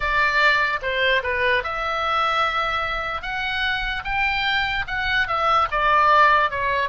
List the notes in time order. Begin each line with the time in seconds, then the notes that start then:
0.00 D5
0.81 C5
1.23 B4
1.63 E5
3.21 F#5
4.04 G5
4.87 F#5
5.27 E5
5.71 D5
6.50 C#5